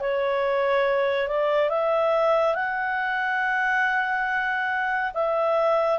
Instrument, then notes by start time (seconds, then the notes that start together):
clarinet
0.00 C#5
1.28 D5
1.69 E5
2.54 F#5
5.14 E5